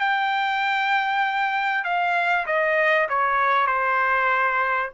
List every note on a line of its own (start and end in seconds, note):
0.00 1.84 G5
1.84 2.46 F5
2.47 3.08 D#5
3.09 3.67 C#5
3.67 4.91 C5